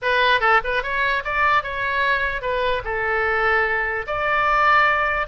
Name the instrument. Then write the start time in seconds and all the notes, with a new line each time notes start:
oboe
0.02 B4
0.40 A4
0.64 B4
0.82 C#5
1.24 D5
1.63 C#5
2.41 B4
2.84 A4
4.07 D5